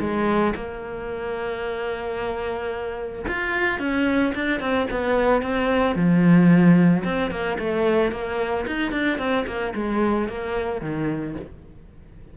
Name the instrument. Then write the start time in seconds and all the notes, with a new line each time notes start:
cello
0.00 G#3
0.55 A#3
3.28 F4
3.79 C#4
4.35 D4
4.60 C4
4.91 B3
5.42 C4
5.96 F3
7.04 C4
7.31 A#3
7.59 A3
8.12 A#3
8.67 D#4
8.91 D4
9.18 C4
9.47 A#3
9.75 G#3
10.28 A#3
10.81 D#3